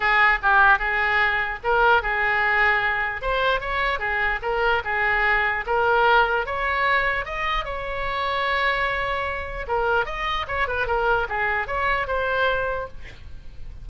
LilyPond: \new Staff \with { instrumentName = "oboe" } { \time 4/4 \tempo 4 = 149 gis'4 g'4 gis'2 | ais'4 gis'2. | c''4 cis''4 gis'4 ais'4 | gis'2 ais'2 |
cis''2 dis''4 cis''4~ | cis''1 | ais'4 dis''4 cis''8 b'8 ais'4 | gis'4 cis''4 c''2 | }